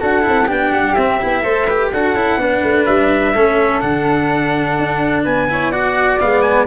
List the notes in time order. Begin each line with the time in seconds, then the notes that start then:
0.00 D4 F#4 A4 F#5
0.21 E4
0.28 C4
0.46 B3 D4 G4 G5
0.70 G3 F#5
0.94 C4 E5
1.20 B3 E4
1.43 A3 A4 C5
1.66 G4 B4
1.91 D4 F#4 A4 F#5
2.14 C#4 E4
2.37 B3 D4 B4
2.63 A3
2.85 G3 E5
3.34 A3 C#4 A4
3.80 D3 D4 F#5
4.78 D4
5.23 B3 B4 G#5
5.48 E4 C#5
5.71 F#4 D5 F#5
6.20 G#3 B3 F5
6.41 G#5